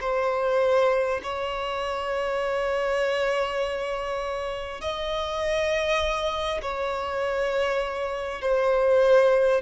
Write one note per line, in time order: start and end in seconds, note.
0.00 1.20 C5
1.23 4.81 C#5
4.81 6.61 D#5
6.61 8.41 C#5
8.41 9.61 C5